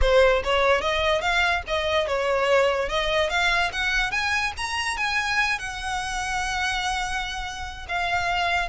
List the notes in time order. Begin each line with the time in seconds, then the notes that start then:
0.01 C5
0.44 C#5
0.81 D#5
1.21 F5
1.67 D#5
2.07 C#5
2.89 D#5
3.29 F5
3.72 F#5
4.11 G#5
4.57 A#5
4.97 G#5
5.58 F#5
7.88 F5